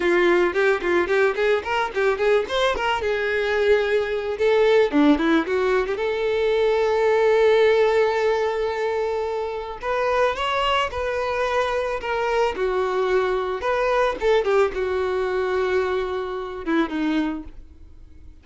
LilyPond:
\new Staff \with { instrumentName = "violin" } { \time 4/4 \tempo 4 = 110 f'4 g'8 f'8 g'8 gis'8 ais'8 g'8 | gis'8 c''8 ais'8 gis'2~ gis'8 | a'4 d'8 e'8 fis'8. g'16 a'4~ | a'1~ |
a'2 b'4 cis''4 | b'2 ais'4 fis'4~ | fis'4 b'4 a'8 g'8 fis'4~ | fis'2~ fis'8 e'8 dis'4 | }